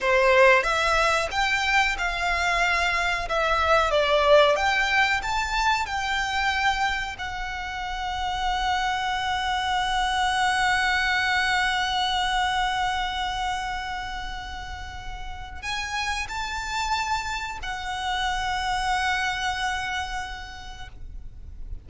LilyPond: \new Staff \with { instrumentName = "violin" } { \time 4/4 \tempo 4 = 92 c''4 e''4 g''4 f''4~ | f''4 e''4 d''4 g''4 | a''4 g''2 fis''4~ | fis''1~ |
fis''1~ | fis''1 | gis''4 a''2 fis''4~ | fis''1 | }